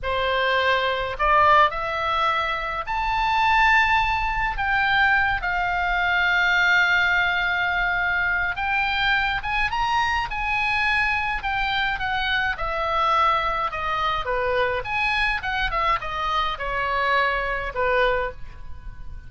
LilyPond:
\new Staff \with { instrumentName = "oboe" } { \time 4/4 \tempo 4 = 105 c''2 d''4 e''4~ | e''4 a''2. | g''4. f''2~ f''8~ | f''2. g''4~ |
g''8 gis''8 ais''4 gis''2 | g''4 fis''4 e''2 | dis''4 b'4 gis''4 fis''8 e''8 | dis''4 cis''2 b'4 | }